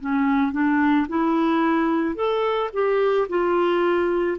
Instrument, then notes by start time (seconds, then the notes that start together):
clarinet
0.00 C#4
0.52 D4
1.08 E4
2.15 A4
2.73 G4
3.28 F4